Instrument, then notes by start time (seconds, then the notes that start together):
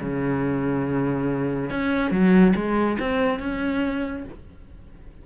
cello
0.00 C#3
1.70 C#4
2.11 F#3
2.55 G#3
2.99 C4
3.39 C#4